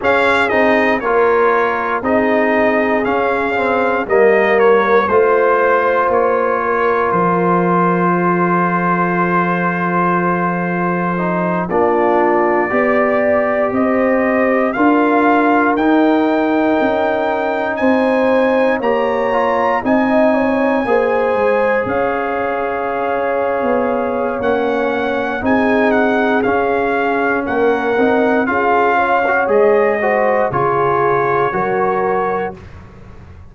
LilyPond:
<<
  \new Staff \with { instrumentName = "trumpet" } { \time 4/4 \tempo 4 = 59 f''8 dis''8 cis''4 dis''4 f''4 | dis''8 cis''8 c''4 cis''4 c''4~ | c''2.~ c''8 d''8~ | d''4. dis''4 f''4 g''8~ |
g''4. gis''4 ais''4 gis''8~ | gis''4. f''2~ f''8 | fis''4 gis''8 fis''8 f''4 fis''4 | f''4 dis''4 cis''2 | }
  \new Staff \with { instrumentName = "horn" } { \time 4/4 gis'4 ais'4 gis'2 | ais'4 c''4. ais'4. | a'2.~ a'8 f'8~ | f'8 d''4 c''4 ais'4.~ |
ais'4. c''4 cis''4 dis''8 | cis''8 c''4 cis''2~ cis''8~ | cis''4 gis'2 ais'4 | gis'8 cis''4 c''8 gis'4 ais'4 | }
  \new Staff \with { instrumentName = "trombone" } { \time 4/4 cis'8 dis'8 f'4 dis'4 cis'8 c'8 | ais4 f'2.~ | f'2. dis'8 d'8~ | d'8 g'2 f'4 dis'8~ |
dis'2~ dis'8 g'8 f'8 dis'8~ | dis'8 gis'2.~ gis'8 | cis'4 dis'4 cis'4. dis'8 | f'8. fis'16 gis'8 fis'8 f'4 fis'4 | }
  \new Staff \with { instrumentName = "tuba" } { \time 4/4 cis'8 c'8 ais4 c'4 cis'4 | g4 a4 ais4 f4~ | f2.~ f8 ais8~ | ais8 b4 c'4 d'4 dis'8~ |
dis'8 cis'4 c'4 ais4 c'8~ | c'8 ais8 gis8 cis'4.~ cis'16 b8. | ais4 c'4 cis'4 ais8 c'8 | cis'4 gis4 cis4 fis4 | }
>>